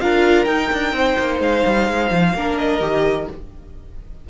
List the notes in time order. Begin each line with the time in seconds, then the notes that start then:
0.00 D4 F4 A#4 F5
0.44 D#4 G5
0.72 D4
0.92 C4 C5
1.18 A#3
1.39 G#3 F5
1.65 G3
1.89 G#3
2.10 F3
2.34 A#3 D4 A#4
2.57 D#5
2.80 D#3 G4